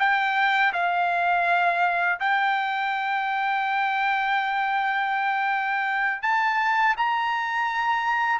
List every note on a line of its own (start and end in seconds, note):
0.00 0.73 G5
0.74 2.20 F5
2.20 6.23 G5
6.23 6.96 A5
6.97 8.40 A#5